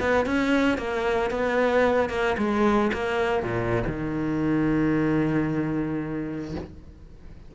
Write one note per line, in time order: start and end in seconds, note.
0.00 0.26 B3
0.26 0.78 C#4
0.78 1.31 A#3
1.31 2.10 B3
2.10 2.36 A#3
2.38 2.92 G#3
2.93 3.44 A#3
3.44 3.84 A#2
3.88 6.56 D#3